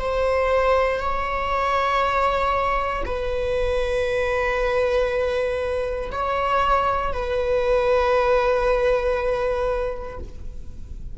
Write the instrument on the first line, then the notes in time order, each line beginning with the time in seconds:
viola
0.00 C5
1.00 C#5
3.06 B4
6.12 C#5
7.13 B4